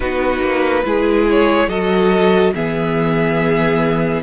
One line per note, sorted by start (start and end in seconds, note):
0.00 0.40 B3
0.00 0.84 D#4
0.00 0.82 F#4
0.00 1.26 B4
0.40 0.83 A#3
0.84 1.67 G#3
0.84 1.68 E4
0.84 1.68 G#4
1.30 1.69 C#5
1.67 2.52 F#3
1.67 2.53 F#4
1.67 2.53 A4
1.67 2.53 D#5
2.54 4.22 E3
2.54 4.22 B3
2.54 4.22 G#4
2.54 4.22 E5